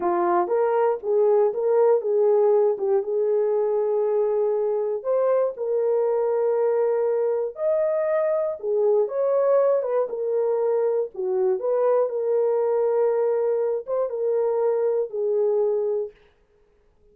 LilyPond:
\new Staff \with { instrumentName = "horn" } { \time 4/4 \tempo 4 = 119 f'4 ais'4 gis'4 ais'4 | gis'4. g'8 gis'2~ | gis'2 c''4 ais'4~ | ais'2. dis''4~ |
dis''4 gis'4 cis''4. b'8 | ais'2 fis'4 b'4 | ais'2.~ ais'8 c''8 | ais'2 gis'2 | }